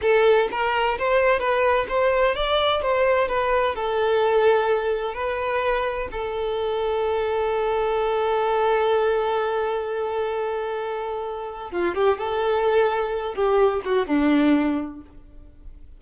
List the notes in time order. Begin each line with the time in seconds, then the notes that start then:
0.01 A4
0.51 A#4
0.98 C5
1.39 B4
1.89 C5
2.35 D5
2.81 C5
3.28 B4
3.75 A4
5.14 B4
6.11 A4
11.71 F4
11.94 G4
12.18 A4
13.34 G4
13.84 F#4
14.06 D4